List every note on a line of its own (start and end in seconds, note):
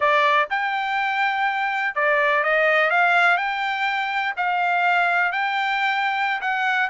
0.00 0.48 D5
0.50 1.95 G5
1.95 2.43 D5
2.43 2.90 D#5
2.90 3.37 F5
3.37 4.34 G5
4.37 5.32 F5
5.32 6.40 G5
6.41 6.89 F#5